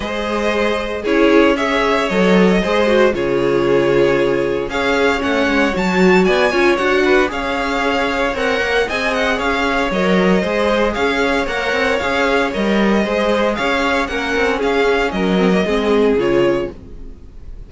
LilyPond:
<<
  \new Staff \with { instrumentName = "violin" } { \time 4/4 \tempo 4 = 115 dis''2 cis''4 e''4 | dis''2 cis''2~ | cis''4 f''4 fis''4 a''4 | gis''4 fis''4 f''2 |
fis''4 gis''8 fis''8 f''4 dis''4~ | dis''4 f''4 fis''4 f''4 | dis''2 f''4 fis''4 | f''4 dis''2 cis''4 | }
  \new Staff \with { instrumentName = "violin" } { \time 4/4 c''2 gis'4 cis''4~ | cis''4 c''4 gis'2~ | gis'4 cis''2. | d''8 cis''4 b'8 cis''2~ |
cis''4 dis''4 cis''2 | c''4 cis''2.~ | cis''4 c''4 cis''4 ais'4 | gis'4 ais'4 gis'2 | }
  \new Staff \with { instrumentName = "viola" } { \time 4/4 gis'2 e'4 gis'4 | a'4 gis'8 fis'8 f'2~ | f'4 gis'4 cis'4 fis'4~ | fis'8 f'8 fis'4 gis'2 |
ais'4 gis'2 ais'4 | gis'2 ais'4 gis'4 | ais'4 gis'2 cis'4~ | cis'4. c'16 ais16 c'4 f'4 | }
  \new Staff \with { instrumentName = "cello" } { \time 4/4 gis2 cis'2 | fis4 gis4 cis2~ | cis4 cis'4 a8 gis8 fis4 | b8 cis'8 d'4 cis'2 |
c'8 ais8 c'4 cis'4 fis4 | gis4 cis'4 ais8 c'8 cis'4 | g4 gis4 cis'4 ais8 c'8 | cis'4 fis4 gis4 cis4 | }
>>